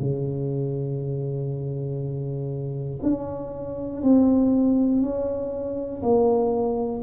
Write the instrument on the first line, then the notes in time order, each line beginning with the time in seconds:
tuba
0.00 C#3
3.03 C#4
4.03 C4
5.02 C#4
6.03 A#3